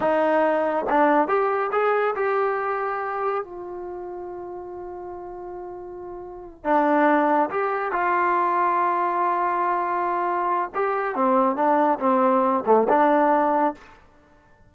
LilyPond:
\new Staff \with { instrumentName = "trombone" } { \time 4/4 \tempo 4 = 140 dis'2 d'4 g'4 | gis'4 g'2. | f'1~ | f'2.~ f'8 d'8~ |
d'4. g'4 f'4.~ | f'1~ | f'4 g'4 c'4 d'4 | c'4. a8 d'2 | }